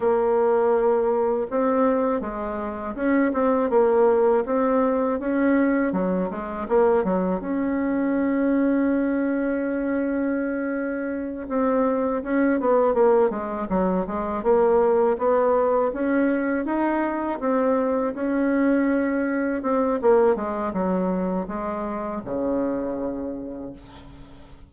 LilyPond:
\new Staff \with { instrumentName = "bassoon" } { \time 4/4 \tempo 4 = 81 ais2 c'4 gis4 | cis'8 c'8 ais4 c'4 cis'4 | fis8 gis8 ais8 fis8 cis'2~ | cis'2.~ cis'8 c'8~ |
c'8 cis'8 b8 ais8 gis8 fis8 gis8 ais8~ | ais8 b4 cis'4 dis'4 c'8~ | c'8 cis'2 c'8 ais8 gis8 | fis4 gis4 cis2 | }